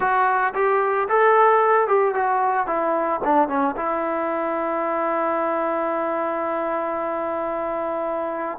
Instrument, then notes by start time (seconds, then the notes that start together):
trombone
0.00 F#4
0.54 G4
1.09 A4
1.87 G4
2.14 F#4
2.66 E4
3.23 D4
3.48 C#4
3.76 E4